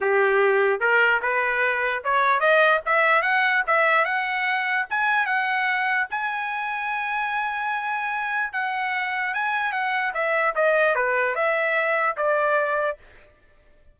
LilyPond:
\new Staff \with { instrumentName = "trumpet" } { \time 4/4 \tempo 4 = 148 g'2 ais'4 b'4~ | b'4 cis''4 dis''4 e''4 | fis''4 e''4 fis''2 | gis''4 fis''2 gis''4~ |
gis''1~ | gis''4 fis''2 gis''4 | fis''4 e''4 dis''4 b'4 | e''2 d''2 | }